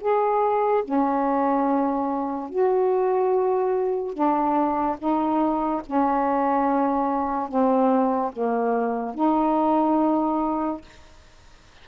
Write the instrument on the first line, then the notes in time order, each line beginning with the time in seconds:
saxophone
0.00 G#4
0.84 C#4
2.49 F#4
4.13 D4
4.98 D#4
5.86 C#4
7.48 C4
8.33 A#3
9.15 D#4